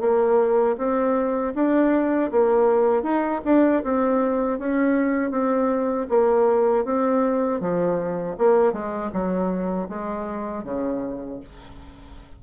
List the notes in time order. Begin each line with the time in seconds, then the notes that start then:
0.00 A#3
0.77 C4
1.55 D4
2.31 A#3
3.03 D#4
3.45 D4
3.84 C4
4.59 C#4
5.31 C4
6.09 A#3
6.85 C4
7.61 F3
8.38 A#3
8.73 G#3
9.12 F#3
9.89 G#3
10.64 C#3